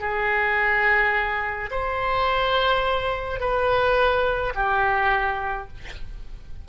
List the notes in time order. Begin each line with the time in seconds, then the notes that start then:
0.00 G#4
1.71 C5
3.40 B4
4.55 G4